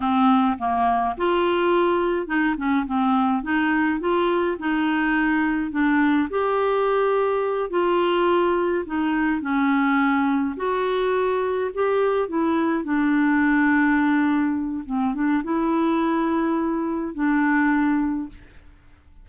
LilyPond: \new Staff \with { instrumentName = "clarinet" } { \time 4/4 \tempo 4 = 105 c'4 ais4 f'2 | dis'8 cis'8 c'4 dis'4 f'4 | dis'2 d'4 g'4~ | g'4. f'2 dis'8~ |
dis'8 cis'2 fis'4.~ | fis'8 g'4 e'4 d'4.~ | d'2 c'8 d'8 e'4~ | e'2 d'2 | }